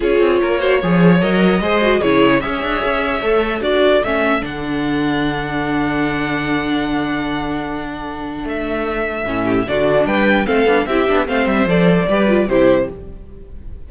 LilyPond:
<<
  \new Staff \with { instrumentName = "violin" } { \time 4/4 \tempo 4 = 149 cis''2. dis''4~ | dis''4 cis''4 e''2~ | e''4 d''4 e''4 fis''4~ | fis''1~ |
fis''1~ | fis''4 e''2. | d''4 g''4 f''4 e''4 | f''8 e''8 d''2 c''4 | }
  \new Staff \with { instrumentName = "violin" } { \time 4/4 gis'4 ais'8 c''8 cis''2 | c''4 gis'4 cis''2~ | cis''4 a'2.~ | a'1~ |
a'1~ | a'2.~ a'8 g'8 | fis'4 b'4 a'4 g'4 | c''2 b'4 g'4 | }
  \new Staff \with { instrumentName = "viola" } { \time 4/4 f'4. fis'8 gis'4 ais'4 | gis'8 fis'8 e'4 gis'2 | a'4 fis'4 cis'4 d'4~ | d'1~ |
d'1~ | d'2. cis'4 | d'2 c'8 d'8 e'8 d'8 | c'4 a'4 g'8 f'8 e'4 | }
  \new Staff \with { instrumentName = "cello" } { \time 4/4 cis'8 c'8 ais4 f4 fis4 | gis4 cis4 cis'8 d'8 cis'4 | a4 d'4 a4 d4~ | d1~ |
d1~ | d4 a2 a,4 | d4 g4 a8 b8 c'8 b8 | a8 g8 f4 g4 c4 | }
>>